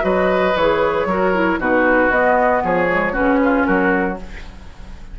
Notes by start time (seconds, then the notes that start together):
0.00 F#3 F#4 B4 D#5
0.56 E3 G#4 C#5
1.06 F#3 F#4 A#4
1.34 E4
1.58 B2 D#4 F#4 B4
2.10 B3 D#5
2.64 F3 G#4 C#5
2.89 G#3
3.13 C#4 F#4 B4
3.19 C#3
3.44 F4
3.65 F#3 F#4 A#4